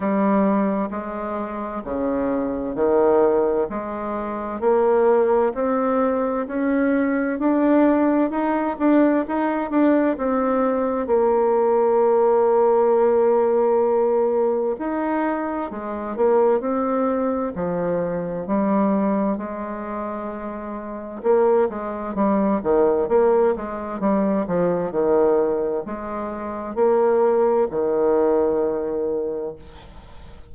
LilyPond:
\new Staff \with { instrumentName = "bassoon" } { \time 4/4 \tempo 4 = 65 g4 gis4 cis4 dis4 | gis4 ais4 c'4 cis'4 | d'4 dis'8 d'8 dis'8 d'8 c'4 | ais1 |
dis'4 gis8 ais8 c'4 f4 | g4 gis2 ais8 gis8 | g8 dis8 ais8 gis8 g8 f8 dis4 | gis4 ais4 dis2 | }